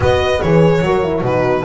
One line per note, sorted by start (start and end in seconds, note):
0.00 0.41 B3
0.00 0.41 F#4
0.00 0.83 B4
0.00 0.41 D#5
0.41 0.81 E3
0.41 0.83 G#4
0.41 1.24 C#5
0.81 1.21 F#3
0.81 1.03 F#4
0.81 1.26 A#4
1.03 1.24 E4
1.21 1.63 B2
1.21 1.64 D#4
1.21 1.64 F#4
1.21 1.64 B4